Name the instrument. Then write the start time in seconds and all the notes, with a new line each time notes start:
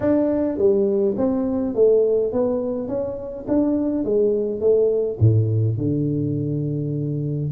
tuba
0.00 D4
0.57 G3
1.17 C4
1.74 A3
2.32 B3
2.87 C#4
3.48 D4
4.04 G#3
4.60 A3
5.19 A2
5.77 D3